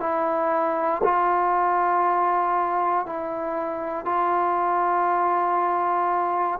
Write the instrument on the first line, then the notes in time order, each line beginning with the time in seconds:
trombone
0.00 E4
1.04 F4
3.06 E4
4.05 F4